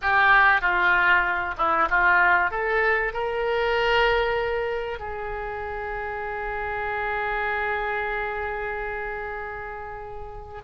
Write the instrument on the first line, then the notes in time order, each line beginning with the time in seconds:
oboe
0.01 G4
0.61 F4
1.57 E4
1.89 F4
2.51 A4
3.12 A#4
4.99 G#4